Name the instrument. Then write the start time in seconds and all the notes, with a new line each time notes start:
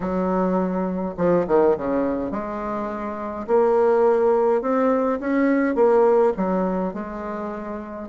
bassoon
0.00 F#3
1.17 F3
1.47 D#3
1.77 C#3
2.31 G#3
3.47 A#3
4.61 C4
5.20 C#4
5.75 A#3
6.36 F#3
6.93 G#3